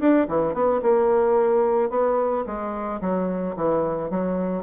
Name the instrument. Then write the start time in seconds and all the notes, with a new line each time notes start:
bassoon
0.00 D4
0.28 E3
0.54 B3
0.82 A#3
1.90 B3
2.46 G#3
3.01 F#3
3.56 E3
4.10 F#3